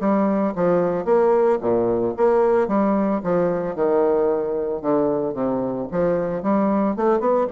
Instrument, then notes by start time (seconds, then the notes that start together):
bassoon
0.00 G3
0.55 F3
1.05 A#3
1.61 A#2
2.17 A#3
2.68 G3
3.23 F3
3.75 D#3
4.82 D3
5.34 C3
5.91 F3
6.43 G3
6.96 A3
7.20 B3